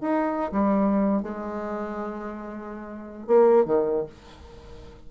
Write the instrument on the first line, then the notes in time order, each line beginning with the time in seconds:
bassoon
0.00 D#4
0.52 G3
1.22 G#3
3.27 A#3
3.65 D#3